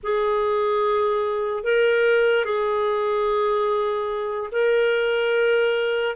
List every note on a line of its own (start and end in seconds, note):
0.03 1.63 G#4
1.63 2.44 A#4
2.44 4.50 G#4
4.51 6.15 A#4